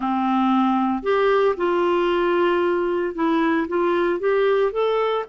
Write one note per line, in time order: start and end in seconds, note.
0.00 1.02 C4
1.02 1.55 G4
1.56 3.14 F4
3.14 3.67 E4
3.68 4.19 F4
4.19 4.72 G4
4.72 5.24 A4